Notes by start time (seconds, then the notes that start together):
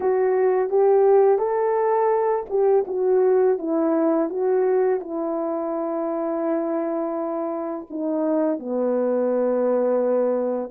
0.00 F#4
0.69 G4
1.38 A4
2.49 G4
2.87 F#4
3.58 E4
4.29 F#4
5.00 E4
7.90 D#4
8.59 B3